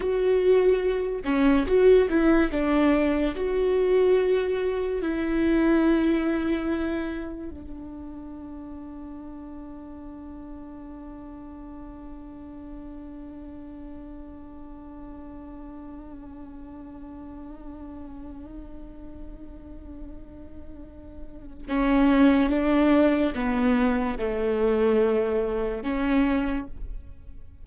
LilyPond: \new Staff \with { instrumentName = "viola" } { \time 4/4 \tempo 4 = 72 fis'4. cis'8 fis'8 e'8 d'4 | fis'2 e'2~ | e'4 d'2.~ | d'1~ |
d'1~ | d'1~ | d'2 cis'4 d'4 | b4 a2 cis'4 | }